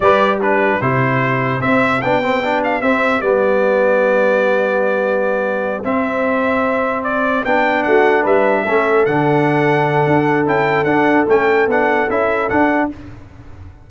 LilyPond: <<
  \new Staff \with { instrumentName = "trumpet" } { \time 4/4 \tempo 4 = 149 d''4 b'4 c''2 | e''4 g''4. f''8 e''4 | d''1~ | d''2~ d''8 e''4.~ |
e''4. d''4 g''4 fis''8~ | fis''8 e''2 fis''4.~ | fis''2 g''4 fis''4 | g''4 fis''4 e''4 fis''4 | }
  \new Staff \with { instrumentName = "horn" } { \time 4/4 b'4 g'2.~ | g'1~ | g'1~ | g'1~ |
g'2.~ g'8 fis'8~ | fis'8 b'4 a'2~ a'8~ | a'1~ | a'1 | }
  \new Staff \with { instrumentName = "trombone" } { \time 4/4 g'4 d'4 e'2 | c'4 d'8 c'8 d'4 c'4 | b1~ | b2~ b8 c'4.~ |
c'2~ c'8 d'4.~ | d'4. cis'4 d'4.~ | d'2 e'4 d'4 | cis'4 d'4 e'4 d'4 | }
  \new Staff \with { instrumentName = "tuba" } { \time 4/4 g2 c2 | c'4 b2 c'4 | g1~ | g2~ g8 c'4.~ |
c'2~ c'8 b4 a8~ | a8 g4 a4 d4.~ | d4 d'4 cis'4 d'4 | a4 b4 cis'4 d'4 | }
>>